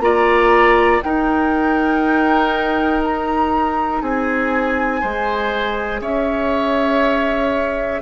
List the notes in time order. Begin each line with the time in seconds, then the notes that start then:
0.00 A#3 F4 D5 A#5
1.02 D#4 A#4 G5
3.04 A#5
4.01 C4 G#4 G#5
5.00 G#3 G#4 C5
6.01 C#4 C#5 E5